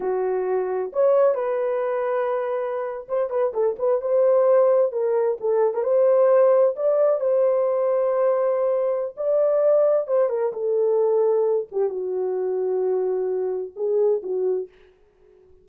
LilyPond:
\new Staff \with { instrumentName = "horn" } { \time 4/4 \tempo 4 = 131 fis'2 cis''4 b'4~ | b'2~ b'8. c''8 b'8 a'16~ | a'16 b'8 c''2 ais'4 a'16~ | a'8 ais'16 c''2 d''4 c''16~ |
c''1 | d''2 c''8 ais'8 a'4~ | a'4. g'8 fis'2~ | fis'2 gis'4 fis'4 | }